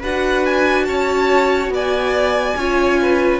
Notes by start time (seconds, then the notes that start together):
0.00 D4 F#4 B4 F#5
0.46 G#5
0.85 C#4 C#5 A5
1.70 B3 D5 G#5
2.57 C#4 F4 C#5
3.02 B4